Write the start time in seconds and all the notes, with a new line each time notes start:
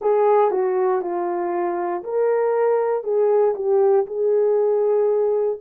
0.00 G#4
0.50 F#4
1.01 F4
2.03 A#4
3.03 G#4
3.55 G4
4.06 G#4